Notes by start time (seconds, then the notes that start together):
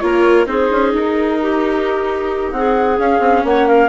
0.00 A#3 F4 A#4 C#5
0.46 C4 D#4 G#4 C5
0.71 C#4
0.94 D#4 A#4
1.42 G4
2.52 C4 G#4 F#5
2.99 C#4 F5
3.20 C4
3.44 A#3 C#5 F#5
3.68 A#4 F5